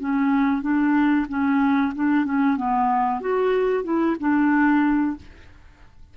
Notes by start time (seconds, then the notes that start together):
0.00 C#4
0.62 D4
1.29 C#4
1.95 D4
2.26 C#4
2.57 B3
3.21 F#4
3.84 E4
4.20 D4